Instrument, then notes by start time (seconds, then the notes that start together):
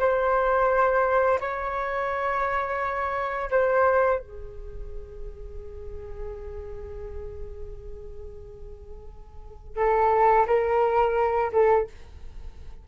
flute
0.00 C5
1.41 C#5
3.51 C5
4.20 G#4
9.77 A4
10.47 A#4
11.53 A4